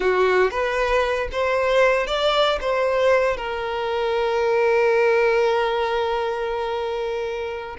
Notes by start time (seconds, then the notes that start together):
0.00 F#4
0.51 B4
1.32 C5
2.07 D5
2.60 C5
3.36 A#4